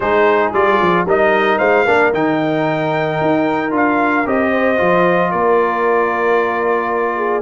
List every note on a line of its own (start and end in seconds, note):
0.00 0.53 G#3
0.00 0.53 D#4
0.00 1.05 G#4
0.00 0.52 C5
0.53 0.79 G3
0.53 1.06 F4
0.53 1.06 D5
0.80 1.05 F3
1.05 1.58 G3
1.05 1.86 D#4
1.05 1.58 A#4
1.05 1.58 D#5
1.58 1.86 G#3
1.58 1.84 C5
1.58 2.11 F5
1.84 2.13 A#3
1.84 2.13 D4
1.84 4.50 A#4
2.13 3.19 D#3
2.13 3.70 D#4
2.13 3.73 G5
3.21 3.72 D#4
3.70 4.25 D4
3.70 4.23 F4
3.70 4.27 F5
4.25 4.79 C4
4.25 4.77 G4
4.25 5.31 D#5
4.50 5.30 C5
4.77 5.33 F3
4.77 7.42 F4
5.31 7.42 A#3
5.31 7.16 A#4
5.31 7.42 D5
7.16 7.42 G#4